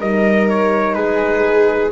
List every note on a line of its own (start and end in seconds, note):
0.00 0.96 G3
0.00 1.92 D#4
0.00 0.96 A#4
0.00 0.49 D#5
0.50 0.95 C#5
0.95 1.92 G#3
0.95 1.92 G#4
0.95 1.91 B4